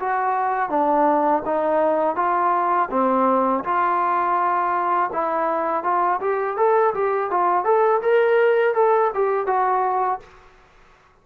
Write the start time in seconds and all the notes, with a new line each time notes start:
0.00 F#4
0.70 D4
1.45 D#4
2.16 F4
2.91 C4
3.64 F4
5.13 E4
5.84 F4
6.21 G4
6.57 A4
6.94 G4
7.31 F4
7.65 A4
8.02 A#4
8.74 A4
9.14 G4
9.47 F#4